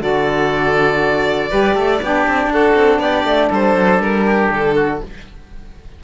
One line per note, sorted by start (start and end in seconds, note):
0.00 1.50 D3
0.00 1.49 F#4
0.00 1.50 A4
0.00 2.52 D5
1.49 1.75 G3
1.49 1.99 G4
1.49 1.74 B4
1.74 2.00 A3
1.74 1.99 A4
2.02 2.27 B3
2.02 5.02 D4
2.02 2.52 G4
2.27 2.47 C4
2.47 2.72 D4
2.47 3.01 F#4
2.47 3.00 A4
2.75 2.99 C4
2.99 3.24 B3
2.99 3.49 G4
2.99 3.50 D5
3.24 3.49 A3
3.49 3.75 G3
3.49 4.24 A4
3.49 4.01 C5
3.75 3.98 F#3
3.98 4.48 G3
3.98 4.51 A#4
4.25 4.75 G4
4.51 5.01 D3
4.51 5.03 A4
4.75 5.00 F#4